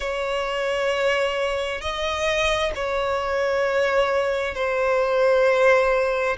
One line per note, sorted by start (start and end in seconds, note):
0.00 1.81 C#5
1.81 2.71 D#5
2.75 4.55 C#5
4.55 6.36 C5